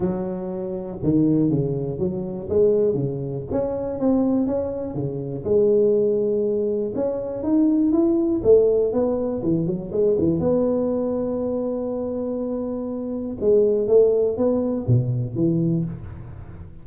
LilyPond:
\new Staff \with { instrumentName = "tuba" } { \time 4/4 \tempo 4 = 121 fis2 dis4 cis4 | fis4 gis4 cis4 cis'4 | c'4 cis'4 cis4 gis4~ | gis2 cis'4 dis'4 |
e'4 a4 b4 e8 fis8 | gis8 e8 b2.~ | b2. gis4 | a4 b4 b,4 e4 | }